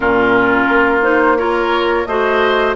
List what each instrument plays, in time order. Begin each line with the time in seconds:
0.00 bassoon A#2, clarinet C#4, oboe F4, flute A#4
0.68 bassoon A#3
1.02 clarinet D#4, flute C5
1.36 clarinet F4, oboe A#4, flute C#5
2.06 bassoon A3, clarinet F#4, oboe C5, flute D#5